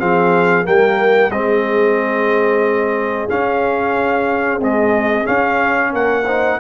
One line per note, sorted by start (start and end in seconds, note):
0.00 0.67 F3
0.00 0.65 C4
0.00 0.66 G#4
0.00 0.66 F5
0.65 1.30 G3
0.65 1.31 A#3
0.65 1.32 A#4
0.65 1.31 G5
1.30 3.28 G#3
1.30 3.29 C4
1.30 5.92 G#4
1.30 3.29 D#5
3.29 4.61 C#4
3.29 4.60 C#4
3.29 4.62 F5
4.60 5.25 G#3
4.60 5.26 C4
4.60 5.27 D#5
5.25 6.24 C#4
5.25 5.94 C#4
5.25 5.93 F5
5.92 6.60 A#3
5.92 6.25 A#4
5.92 6.60 F#5
6.25 6.60 D#4
6.25 6.58 C5